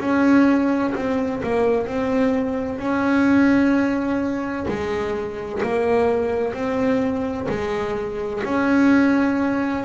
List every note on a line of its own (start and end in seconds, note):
0.00 0.94 C#4
0.95 1.42 C4
1.44 1.87 A#3
1.87 2.79 C4
2.79 4.67 C#4
4.68 5.62 G#3
5.63 6.54 A#3
6.54 7.47 C4
7.49 8.43 G#3
8.44 9.85 C#4